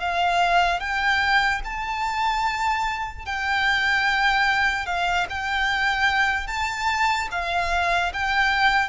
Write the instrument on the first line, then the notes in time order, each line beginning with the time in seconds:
violin
0.00 F5
0.80 G5
1.65 A5
3.26 G5
4.86 F5
5.30 G5
6.47 A5
7.31 F5
8.13 G5